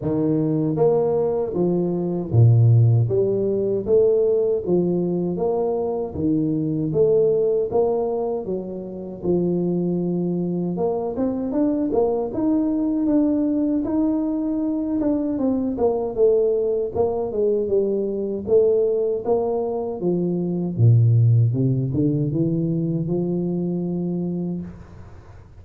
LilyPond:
\new Staff \with { instrumentName = "tuba" } { \time 4/4 \tempo 4 = 78 dis4 ais4 f4 ais,4 | g4 a4 f4 ais4 | dis4 a4 ais4 fis4 | f2 ais8 c'8 d'8 ais8 |
dis'4 d'4 dis'4. d'8 | c'8 ais8 a4 ais8 gis8 g4 | a4 ais4 f4 ais,4 | c8 d8 e4 f2 | }